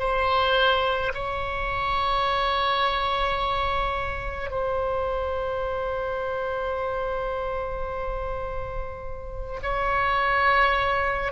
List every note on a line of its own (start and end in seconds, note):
0.00 1.13 C5
1.15 4.51 C#5
4.51 9.60 C5
9.63 11.33 C#5